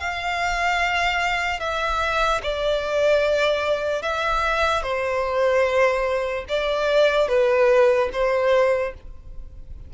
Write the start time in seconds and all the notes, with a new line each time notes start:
0.00 F5
1.60 E5
2.43 D5
4.02 E5
4.83 C5
6.49 D5
7.28 B4
8.13 C5